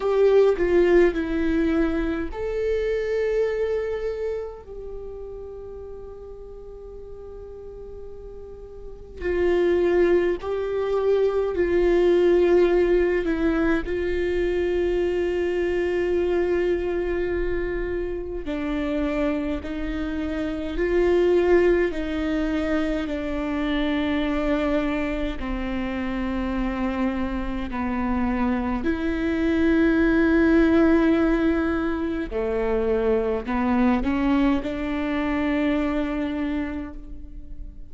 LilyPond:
\new Staff \with { instrumentName = "viola" } { \time 4/4 \tempo 4 = 52 g'8 f'8 e'4 a'2 | g'1 | f'4 g'4 f'4. e'8 | f'1 |
d'4 dis'4 f'4 dis'4 | d'2 c'2 | b4 e'2. | a4 b8 cis'8 d'2 | }